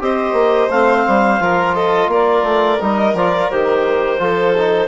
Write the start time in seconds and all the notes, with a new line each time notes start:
0.00 C4 G4 C5 D#5
0.32 A#3
0.70 A3 C4 F5
1.08 G3
1.40 F3 F4 A#4
1.75 A4 D#5
2.08 A#3 A#4 D5
2.43 A3
2.81 G3 D#4 D#5
3.13 F3 F4 D5
3.50 D#3 G4 C5
4.19 F3 F4 A4
4.57 D#4